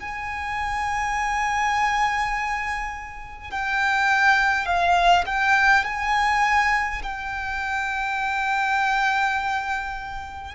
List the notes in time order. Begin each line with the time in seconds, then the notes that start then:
0.00 G#5
3.51 G5
4.66 F5
5.26 G5
5.85 G#5
7.03 G5